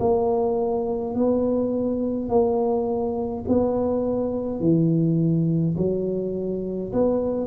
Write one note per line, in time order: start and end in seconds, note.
0.00 1.15 A#3
1.15 2.30 B3
2.30 3.45 A#3
3.48 4.60 B3
4.60 5.76 E3
5.77 6.93 F#3
6.93 7.47 B3